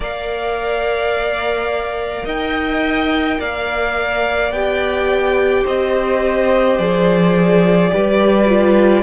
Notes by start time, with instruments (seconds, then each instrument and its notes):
0.00 cello A#3, viola A#4, violin D5 F5
2.25 cello D#4, violin D#5 G5
3.39 cello A#3, violin D5 F5
4.51 cello B3, viola G4, violin G5
5.63 cello C4, violin C5 D#5
6.78 cello F3, viola G#4, violin D5
7.91 cello G3, viola G4, violin B4
8.46 viola F4